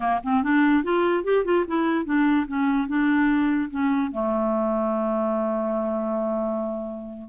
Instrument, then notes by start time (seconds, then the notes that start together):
clarinet
0.00 A#3
0.23 C4
0.43 D4
0.83 F4
1.24 G4
1.44 F4
1.67 E4
2.05 D4
2.47 C#4
2.87 D4
3.70 C#4
4.11 A3